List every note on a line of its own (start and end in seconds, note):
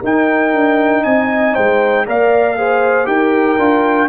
0.00 2.06 D#4
0.00 0.53 D#4
0.00 1.02 A#4
0.00 1.04 G5
0.53 1.04 D4
1.04 1.56 C4
1.04 1.53 D#5
1.04 1.54 G#5
1.53 2.07 G#3
1.53 2.04 C5
1.53 2.06 G5
2.06 3.06 A#3
2.06 2.57 A#4
2.06 2.57 D5
2.06 3.06 F5
2.57 3.04 G#4
2.57 3.08 C5
3.04 3.57 D#4
3.04 3.55 G4
3.04 4.08 A#4
3.04 4.08 G5
3.58 4.08 D4
3.58 4.08 F4